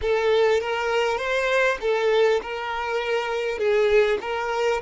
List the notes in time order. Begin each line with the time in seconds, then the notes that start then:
0.01 A4
0.61 A#4
1.17 C5
1.80 A4
2.42 A#4
3.58 G#4
4.21 A#4